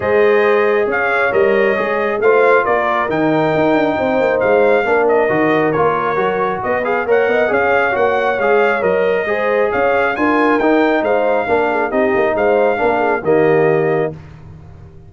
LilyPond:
<<
  \new Staff \with { instrumentName = "trumpet" } { \time 4/4 \tempo 4 = 136 dis''2 f''4 dis''4~ | dis''4 f''4 d''4 g''4~ | g''2 f''4. dis''8~ | dis''4 cis''2 dis''8 f''8 |
fis''4 f''4 fis''4 f''4 | dis''2 f''4 gis''4 | g''4 f''2 dis''4 | f''2 dis''2 | }
  \new Staff \with { instrumentName = "horn" } { \time 4/4 c''2 cis''2~ | cis''4 c''4 ais'2~ | ais'4 c''2 ais'4~ | ais'2. b'4 |
cis''8 dis''8 cis''2.~ | cis''4 c''4 cis''4 ais'4~ | ais'4 c''4 ais'8 gis'8 g'4 | c''4 ais'8 gis'8 g'2 | }
  \new Staff \with { instrumentName = "trombone" } { \time 4/4 gis'2. ais'4 | gis'4 f'2 dis'4~ | dis'2. d'4 | fis'4 f'4 fis'4. gis'8 |
ais'4 gis'4 fis'4 gis'4 | ais'4 gis'2 f'4 | dis'2 d'4 dis'4~ | dis'4 d'4 ais2 | }
  \new Staff \with { instrumentName = "tuba" } { \time 4/4 gis2 cis'4 g4 | gis4 a4 ais4 dis4 | dis'8 d'8 c'8 ais8 gis4 ais4 | dis4 ais4 fis4 b4 |
ais8 b8 cis'4 ais4 gis4 | fis4 gis4 cis'4 d'4 | dis'4 gis4 ais4 c'8 ais8 | gis4 ais4 dis2 | }
>>